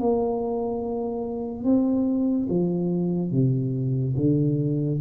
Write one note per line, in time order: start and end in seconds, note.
0.00 1.64 A#3
1.64 2.48 C4
2.50 3.31 F3
3.31 4.15 C3
4.17 5.00 D3